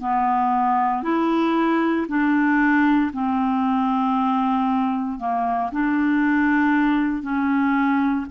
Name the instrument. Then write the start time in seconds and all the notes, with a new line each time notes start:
clarinet
0.00 B3
1.03 E4
2.08 D4
3.13 C4
5.19 A#3
5.72 D4
7.22 C#4